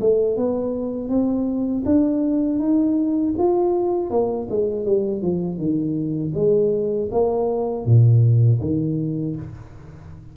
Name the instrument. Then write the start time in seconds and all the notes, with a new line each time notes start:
tuba
0.00 A3
0.36 B3
1.09 C4
1.85 D4
2.59 D#4
3.38 F4
4.10 A#3
4.50 G#3
4.85 G3
5.22 F3
5.58 D#3
6.35 G#3
7.11 A#3
7.85 A#2
8.61 D#3